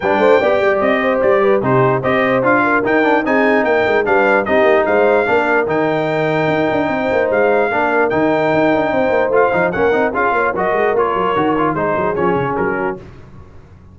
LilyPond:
<<
  \new Staff \with { instrumentName = "trumpet" } { \time 4/4 \tempo 4 = 148 g''2 dis''4 d''4 | c''4 dis''4 f''4 g''4 | gis''4 g''4 f''4 dis''4 | f''2 g''2~ |
g''2 f''2 | g''2. f''4 | fis''4 f''4 dis''4 cis''4~ | cis''4 c''4 cis''4 ais'4 | }
  \new Staff \with { instrumentName = "horn" } { \time 4/4 b'8 c''8 d''4. c''4 b'8 | g'4 c''4. ais'4. | gis'4 ais'4 b'4 g'4 | c''4 ais'2.~ |
ais'4 c''2 ais'4~ | ais'2 c''2 | ais'4 gis'8 cis''8 ais'2~ | ais'4 gis'2~ gis'8 fis'8 | }
  \new Staff \with { instrumentName = "trombone" } { \time 4/4 d'4 g'2. | dis'4 g'4 f'4 dis'8 d'8 | dis'2 d'4 dis'4~ | dis'4 d'4 dis'2~ |
dis'2. d'4 | dis'2. f'8 dis'8 | cis'8 dis'8 f'4 fis'4 f'4 | fis'8 f'8 dis'4 cis'2 | }
  \new Staff \with { instrumentName = "tuba" } { \time 4/4 g8 a8 b8 g8 c'4 g4 | c4 c'4 d'4 dis'4 | c'4 ais8 gis8 g4 c'8 ais8 | gis4 ais4 dis2 |
dis'8 d'8 c'8 ais8 gis4 ais4 | dis4 dis'8 d'8 c'8 ais8 a8 f8 | ais8 c'8 cis'8 ais8 fis8 gis8 ais8 fis8 | dis4 gis8 fis8 f8 cis8 fis4 | }
>>